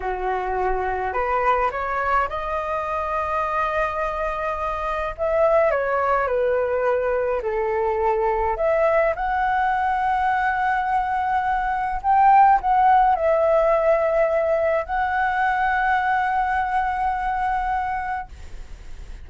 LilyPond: \new Staff \with { instrumentName = "flute" } { \time 4/4 \tempo 4 = 105 fis'2 b'4 cis''4 | dis''1~ | dis''4 e''4 cis''4 b'4~ | b'4 a'2 e''4 |
fis''1~ | fis''4 g''4 fis''4 e''4~ | e''2 fis''2~ | fis''1 | }